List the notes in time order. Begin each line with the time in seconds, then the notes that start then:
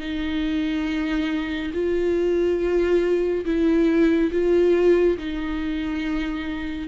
0.00 D#4
1.73 F4
3.45 E4
4.32 F4
5.18 D#4